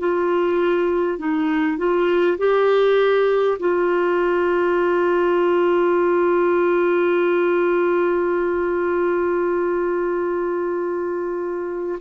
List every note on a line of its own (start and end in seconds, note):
0.00 1.19 F4
1.19 1.78 D#4
1.78 2.38 F4
2.39 3.59 G4
3.59 11.99 F4